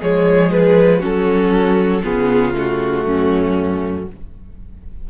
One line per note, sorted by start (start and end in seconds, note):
0.00 1.03 F3
0.00 1.01 G#3
0.00 1.00 G#4
0.00 0.51 C#5
0.51 1.02 B4
1.00 2.06 F#3
1.00 2.02 C#4
1.00 2.01 F#4
1.00 2.04 A4
2.03 3.05 C#3
2.03 2.54 B3
2.03 3.05 F4
2.03 2.55 G#4
2.54 4.06 A3
2.54 4.10 F#4
3.05 4.07 F#2
3.05 4.07 C#4